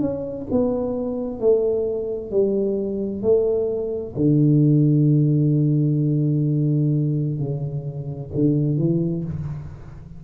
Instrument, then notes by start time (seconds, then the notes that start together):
tuba
0.00 C#4
0.51 B3
1.40 A3
2.31 G3
3.22 A3
4.16 D3
7.38 C#3
8.35 D3
8.78 E3